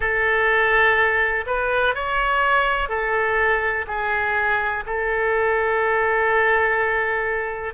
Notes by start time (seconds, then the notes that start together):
0.00 A4
1.46 B4
1.94 C#5
2.88 A4
3.87 G#4
4.86 A4